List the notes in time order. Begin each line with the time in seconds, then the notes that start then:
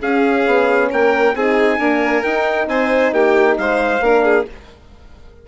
0.00 C#4 G#4 F5
0.46 B3
0.90 A#3 A#4 G5
1.34 C4 D#4 G#4 G#5
1.78 A#3 D4 A#4
2.23 D#4 G5
2.67 C4 C5 G#5
3.11 A#3 G4 G5
3.58 G#3 C5 F5
4.00 A#3 D4 A#4
4.24 G#4